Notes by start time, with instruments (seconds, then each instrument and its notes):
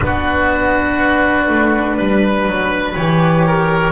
0.00 double bass B3, cello D4, oboe F#4, flute B4
1.48 double bass A3
1.97 double bass G3, oboe B4
2.46 double bass F#3
2.94 double bass E3, cello G4, flute C#5
3.46 oboe A#4